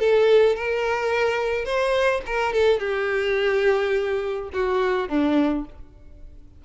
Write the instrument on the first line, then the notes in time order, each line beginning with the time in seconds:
violin
0.00 A4
0.56 A#4
1.65 C5
2.27 A#4
2.54 A4
2.80 G4
4.54 F#4
5.09 D4